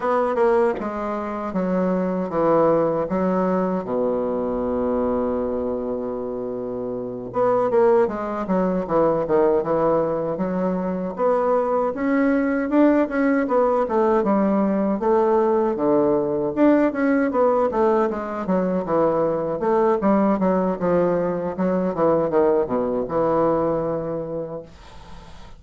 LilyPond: \new Staff \with { instrumentName = "bassoon" } { \time 4/4 \tempo 4 = 78 b8 ais8 gis4 fis4 e4 | fis4 b,2.~ | b,4. b8 ais8 gis8 fis8 e8 | dis8 e4 fis4 b4 cis'8~ |
cis'8 d'8 cis'8 b8 a8 g4 a8~ | a8 d4 d'8 cis'8 b8 a8 gis8 | fis8 e4 a8 g8 fis8 f4 | fis8 e8 dis8 b,8 e2 | }